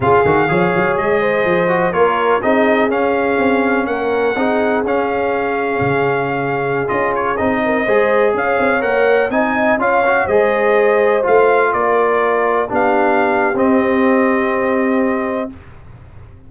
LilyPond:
<<
  \new Staff \with { instrumentName = "trumpet" } { \time 4/4 \tempo 4 = 124 f''2 dis''2 | cis''4 dis''4 f''2 | fis''2 f''2~ | f''2~ f''16 dis''8 cis''8 dis''8.~ |
dis''4~ dis''16 f''4 fis''4 gis''8.~ | gis''16 f''4 dis''2 f''8.~ | f''16 d''2 f''4.~ f''16 | dis''1 | }
  \new Staff \with { instrumentName = "horn" } { \time 4/4 gis'4 cis''4. c''4. | ais'4 gis'2. | ais'4 gis'2.~ | gis'2.~ gis'8. ais'16~ |
ais'16 c''4 cis''2 dis''8.~ | dis''16 cis''4 c''2~ c''8.~ | c''16 ais'2 g'4.~ g'16~ | g'1 | }
  \new Staff \with { instrumentName = "trombone" } { \time 4/4 f'8 fis'8 gis'2~ gis'8 fis'8 | f'4 dis'4 cis'2~ | cis'4 dis'4 cis'2~ | cis'2~ cis'16 f'4 dis'8.~ |
dis'16 gis'2 ais'4 dis'8.~ | dis'16 f'8 fis'8 gis'2 f'8.~ | f'2~ f'16 d'4.~ d'16 | c'1 | }
  \new Staff \with { instrumentName = "tuba" } { \time 4/4 cis8 dis8 f8 fis8 gis4 f4 | ais4 c'4 cis'4 c'4 | ais4 c'4 cis'2 | cis2~ cis16 cis'4 c'8.~ |
c'16 gis4 cis'8 c'8 ais4 c'8.~ | c'16 cis'4 gis2 a8.~ | a16 ais2 b4.~ b16 | c'1 | }
>>